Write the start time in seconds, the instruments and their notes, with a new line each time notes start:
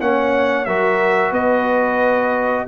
0.00 tuba A#3, trombone C#4, horn C#5, trumpet F#5
0.65 tuba F#3, trombone F#4, horn A#4, trumpet E5
1.31 tuba B3, horn B4, trumpet D#5